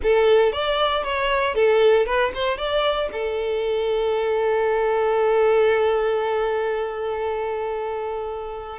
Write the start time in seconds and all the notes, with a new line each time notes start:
0.03 A4
0.52 D5
1.03 C#5
1.54 A4
2.05 B4
2.34 C5
2.57 D5
3.12 A4